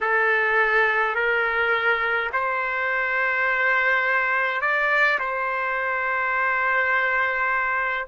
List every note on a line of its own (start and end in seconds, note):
0.00 1.15 A4
1.15 2.30 A#4
2.32 4.61 C5
4.61 5.19 D5
5.19 8.07 C5